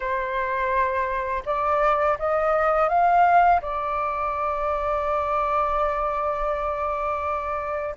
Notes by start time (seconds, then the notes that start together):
0.00 C5
1.45 D5
2.18 D#5
2.88 F5
3.61 D5